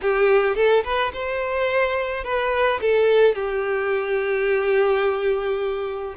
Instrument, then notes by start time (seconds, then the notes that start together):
violin
0.01 G4
0.55 A4
0.84 B4
1.13 C5
2.24 B4
2.81 A4
3.34 G4